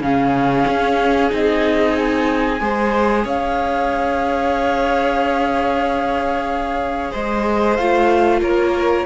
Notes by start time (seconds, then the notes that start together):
0.00 C#3 C#4 G#4 F5
0.67 C#4
1.30 C4 D#4 D#5
1.96 G#5
2.60 G#3 G#4 C5
3.25 C#4 C#5 F5
7.11 G#3 C5 D#5
7.76 A3 F4 F5
8.41 A#3 A#4 C#5